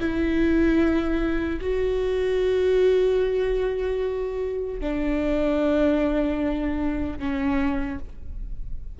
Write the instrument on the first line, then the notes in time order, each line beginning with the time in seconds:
viola
0.00 E4
1.61 F#4
4.80 D4
7.19 C#4